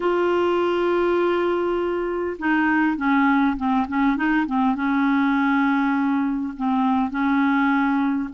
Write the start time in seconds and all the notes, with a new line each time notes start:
0.00 F4
2.38 D#4
2.96 C#4
3.56 C4
3.87 C#4
4.16 D#4
4.46 C4
4.75 C#4
6.56 C4
7.10 C#4